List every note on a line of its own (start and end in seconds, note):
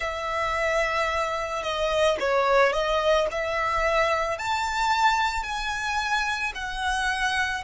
0.00 1.62 E5
1.62 2.17 D#5
2.19 2.72 C#5
2.72 3.27 D#5
3.31 4.38 E5
4.38 5.42 A5
5.42 6.52 G#5
6.55 7.64 F#5